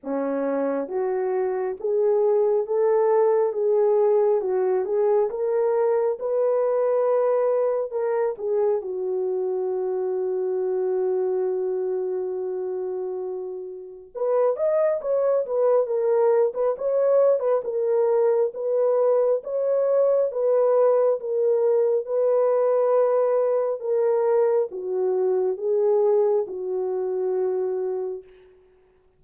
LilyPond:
\new Staff \with { instrumentName = "horn" } { \time 4/4 \tempo 4 = 68 cis'4 fis'4 gis'4 a'4 | gis'4 fis'8 gis'8 ais'4 b'4~ | b'4 ais'8 gis'8 fis'2~ | fis'1 |
b'8 dis''8 cis''8 b'8 ais'8. b'16 cis''8. b'16 | ais'4 b'4 cis''4 b'4 | ais'4 b'2 ais'4 | fis'4 gis'4 fis'2 | }